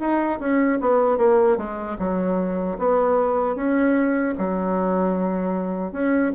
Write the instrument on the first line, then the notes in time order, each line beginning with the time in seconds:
bassoon
0.00 D#4
0.40 C#4
0.81 B3
1.18 A#3
1.58 G#3
1.99 F#3
2.78 B3
3.55 C#4
4.38 F#3
5.92 C#4